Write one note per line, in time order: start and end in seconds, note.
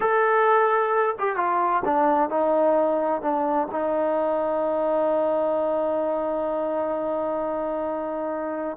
0.00 1.15 A4
1.18 1.36 G4
1.36 1.82 F4
1.84 2.29 D4
2.29 3.21 D#4
3.21 3.67 D4
3.71 8.77 D#4